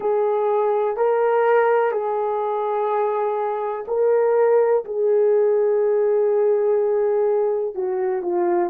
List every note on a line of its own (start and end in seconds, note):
0.00 0.96 G#4
0.96 1.91 A#4
1.91 3.85 G#4
3.87 4.84 A#4
4.84 7.75 G#4
7.75 8.22 F#4
8.22 8.70 F4